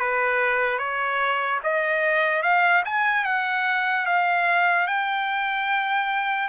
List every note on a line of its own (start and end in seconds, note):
0.00 0.79 B4
0.79 1.60 C#5
1.64 2.43 D#5
2.43 2.83 F5
2.85 3.25 G#5
3.25 4.06 F#5
4.06 4.87 F5
4.88 6.49 G5